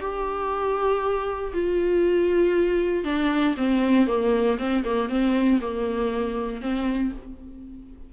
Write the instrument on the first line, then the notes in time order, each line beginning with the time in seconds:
viola
0.00 G4
1.53 F4
3.04 D4
3.57 C4
4.07 A#3
4.58 C4
4.84 A#3
5.09 C4
5.61 A#3
6.61 C4